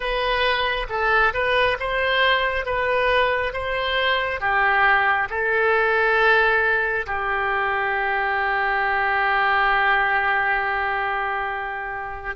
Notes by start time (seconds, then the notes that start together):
0.00 B4
0.89 A4
1.33 B4
1.79 C5
2.65 B4
3.53 C5
4.40 G4
5.29 A4
7.06 G4